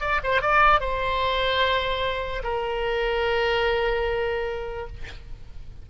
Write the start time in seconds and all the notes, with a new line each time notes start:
0.00 D5
0.24 C5
0.42 D5
0.80 C5
2.44 A#4